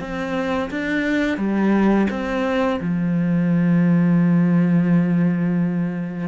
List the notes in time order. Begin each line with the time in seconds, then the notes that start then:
0.00 C4
0.71 D4
1.37 G3
2.10 C4
2.81 F3